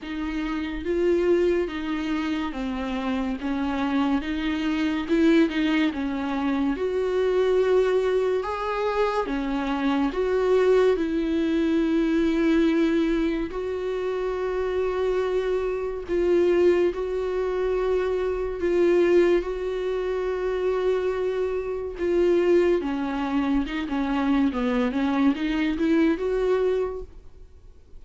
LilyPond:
\new Staff \with { instrumentName = "viola" } { \time 4/4 \tempo 4 = 71 dis'4 f'4 dis'4 c'4 | cis'4 dis'4 e'8 dis'8 cis'4 | fis'2 gis'4 cis'4 | fis'4 e'2. |
fis'2. f'4 | fis'2 f'4 fis'4~ | fis'2 f'4 cis'4 | dis'16 cis'8. b8 cis'8 dis'8 e'8 fis'4 | }